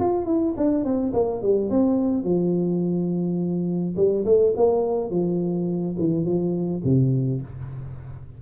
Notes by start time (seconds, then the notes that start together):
0.00 F4
0.25 E4
0.57 D4
0.85 C4
1.14 A#3
1.42 G3
1.70 C4
2.24 F3
3.97 G3
4.25 A3
4.56 A#3
5.11 F3
5.99 E3
6.25 F3
6.84 C3